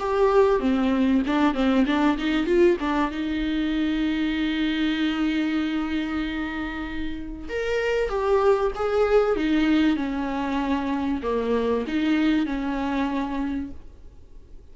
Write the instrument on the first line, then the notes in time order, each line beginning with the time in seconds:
viola
0.00 G4
0.60 C4
1.27 D4
1.55 C4
1.87 D4
2.18 D#4
2.47 F4
2.81 D4
3.11 D#4
7.49 A#4
8.09 G4
8.76 G#4
9.37 D#4
9.97 C#4
11.23 A#3
11.88 D#4
12.46 C#4